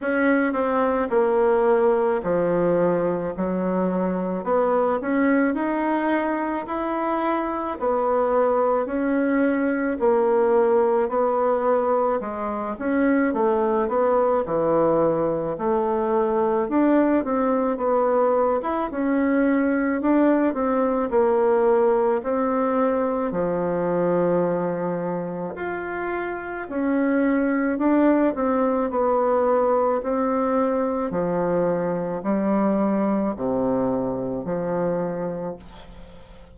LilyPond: \new Staff \with { instrumentName = "bassoon" } { \time 4/4 \tempo 4 = 54 cis'8 c'8 ais4 f4 fis4 | b8 cis'8 dis'4 e'4 b4 | cis'4 ais4 b4 gis8 cis'8 | a8 b8 e4 a4 d'8 c'8 |
b8. e'16 cis'4 d'8 c'8 ais4 | c'4 f2 f'4 | cis'4 d'8 c'8 b4 c'4 | f4 g4 c4 f4 | }